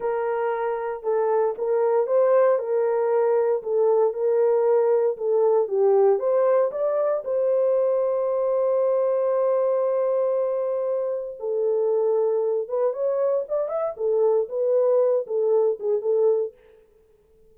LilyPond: \new Staff \with { instrumentName = "horn" } { \time 4/4 \tempo 4 = 116 ais'2 a'4 ais'4 | c''4 ais'2 a'4 | ais'2 a'4 g'4 | c''4 d''4 c''2~ |
c''1~ | c''2 a'2~ | a'8 b'8 cis''4 d''8 e''8 a'4 | b'4. a'4 gis'8 a'4 | }